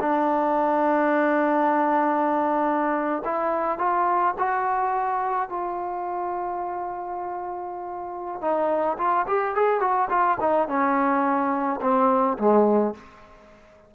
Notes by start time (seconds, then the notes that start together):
0.00 D4
3.24 E4
3.78 F4
4.38 F#4
5.49 F4
8.41 D#4
8.98 F4
9.27 G4
9.55 G#4
9.80 F#4
10.09 F4
10.40 D#4
10.68 C#4
11.81 C4
12.38 G#3